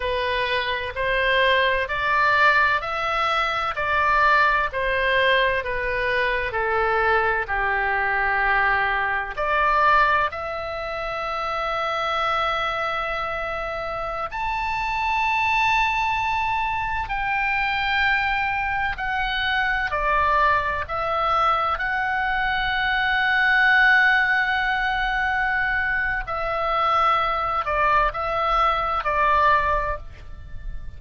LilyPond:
\new Staff \with { instrumentName = "oboe" } { \time 4/4 \tempo 4 = 64 b'4 c''4 d''4 e''4 | d''4 c''4 b'4 a'4 | g'2 d''4 e''4~ | e''2.~ e''16 a''8.~ |
a''2~ a''16 g''4.~ g''16~ | g''16 fis''4 d''4 e''4 fis''8.~ | fis''1 | e''4. d''8 e''4 d''4 | }